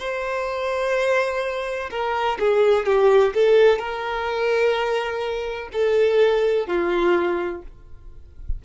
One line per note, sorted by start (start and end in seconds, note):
0.00 1.90 C5
1.91 2.39 A#4
2.40 2.86 G#4
2.86 3.34 G4
3.35 3.79 A4
3.79 5.70 A#4
5.73 6.68 A4
6.68 7.63 F4